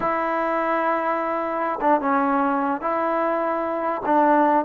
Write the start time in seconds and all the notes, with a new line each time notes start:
0.00 E4
1.80 D4
2.00 C#4
2.81 E4
4.05 D4